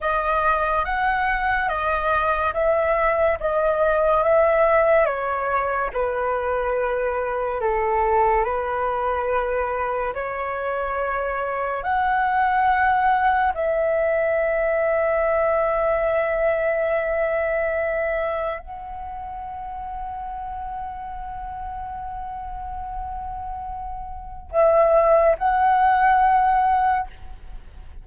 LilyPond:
\new Staff \with { instrumentName = "flute" } { \time 4/4 \tempo 4 = 71 dis''4 fis''4 dis''4 e''4 | dis''4 e''4 cis''4 b'4~ | b'4 a'4 b'2 | cis''2 fis''2 |
e''1~ | e''2 fis''2~ | fis''1~ | fis''4 e''4 fis''2 | }